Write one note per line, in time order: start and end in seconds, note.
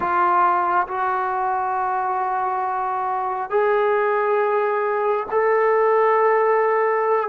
0.00 0.87 F4
0.87 3.50 F#4
3.50 5.26 G#4
5.31 7.29 A4